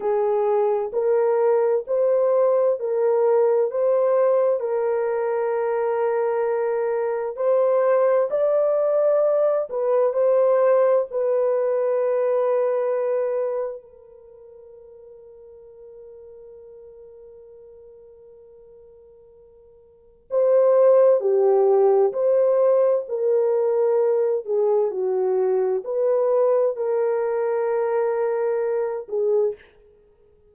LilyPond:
\new Staff \with { instrumentName = "horn" } { \time 4/4 \tempo 4 = 65 gis'4 ais'4 c''4 ais'4 | c''4 ais'2. | c''4 d''4. b'8 c''4 | b'2. ais'4~ |
ais'1~ | ais'2 c''4 g'4 | c''4 ais'4. gis'8 fis'4 | b'4 ais'2~ ais'8 gis'8 | }